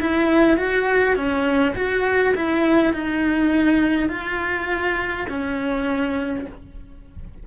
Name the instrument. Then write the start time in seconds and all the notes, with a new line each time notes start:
cello
0.00 E4
0.57 F#4
1.16 C#4
1.75 F#4
2.35 E4
2.93 D#4
4.09 F4
5.28 C#4